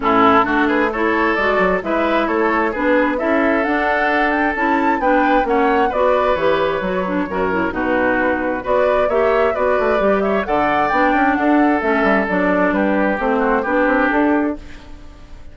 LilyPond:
<<
  \new Staff \with { instrumentName = "flute" } { \time 4/4 \tempo 4 = 132 a'4. b'8 cis''4 d''4 | e''4 cis''4 b'4 e''4 | fis''4. g''8 a''4 g''4 | fis''4 d''4 cis''2~ |
cis''4 b'2 d''4 | e''4 d''4. e''8 fis''4 | g''4 fis''4 e''4 d''4 | b'4 c''4 b'4 a'4 | }
  \new Staff \with { instrumentName = "oboe" } { \time 4/4 e'4 fis'8 gis'8 a'2 | b'4 a'4 gis'4 a'4~ | a'2. b'4 | cis''4 b'2. |
ais'4 fis'2 b'4 | cis''4 b'4. cis''8 d''4~ | d''4 a'2. | g'4. fis'8 g'2 | }
  \new Staff \with { instrumentName = "clarinet" } { \time 4/4 cis'4 d'4 e'4 fis'4 | e'2 d'4 e'4 | d'2 e'4 d'4 | cis'4 fis'4 g'4 fis'8 d'8 |
fis'8 e'8 dis'2 fis'4 | g'4 fis'4 g'4 a'4 | d'2 cis'4 d'4~ | d'4 c'4 d'2 | }
  \new Staff \with { instrumentName = "bassoon" } { \time 4/4 a,4 a2 gis8 fis8 | gis4 a4 b4 cis'4 | d'2 cis'4 b4 | ais4 b4 e4 fis4 |
fis,4 b,2 b4 | ais4 b8 a8 g4 d4 | b8 cis'8 d'4 a8 g8 fis4 | g4 a4 b8 c'8 d'4 | }
>>